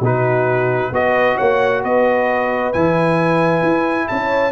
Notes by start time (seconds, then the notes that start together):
0.00 B2 D#4 F#4 B4
0.92 B3 F#4 B4 D#5
1.36 A#3 C#5 F#5
1.83 B3 B4 D#5
2.73 E3 E4 G#5
3.62 E4
4.08 C#4 C#5 A5